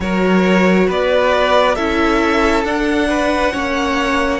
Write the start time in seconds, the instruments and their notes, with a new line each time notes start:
0.00 cello F#3, viola F#4, violin A#4 C#5
0.87 cello B3, violin B4 D5
1.75 cello C#4, viola E4, violin A4 E5
2.64 viola D4, cello D4, violin F#5
3.09 violin B4
3.52 cello A#3, viola C#4, violin C#5